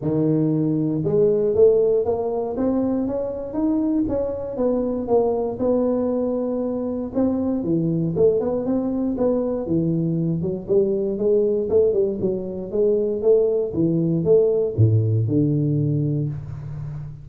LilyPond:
\new Staff \with { instrumentName = "tuba" } { \time 4/4 \tempo 4 = 118 dis2 gis4 a4 | ais4 c'4 cis'4 dis'4 | cis'4 b4 ais4 b4~ | b2 c'4 e4 |
a8 b8 c'4 b4 e4~ | e8 fis8 g4 gis4 a8 g8 | fis4 gis4 a4 e4 | a4 a,4 d2 | }